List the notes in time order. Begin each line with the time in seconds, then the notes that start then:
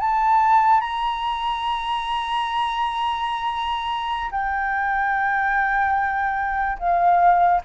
0.00 A5
0.81 A#5
4.31 G5
6.79 F5